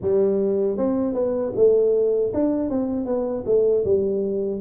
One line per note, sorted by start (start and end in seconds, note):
0.01 0.77 G3
0.77 1.14 C4
1.14 1.52 B3
1.55 2.32 A3
2.33 2.69 D4
2.69 3.05 C4
3.05 3.44 B3
3.46 3.84 A3
3.84 4.60 G3